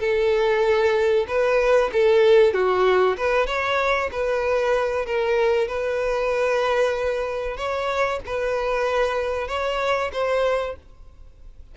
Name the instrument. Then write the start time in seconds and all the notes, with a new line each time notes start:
violin
0.00 A4
1.28 B4
1.93 A4
2.53 F#4
3.17 B4
3.47 C#5
4.12 B4
5.06 A#4
5.68 B4
7.57 C#5
8.26 B4
9.48 C#5
10.13 C5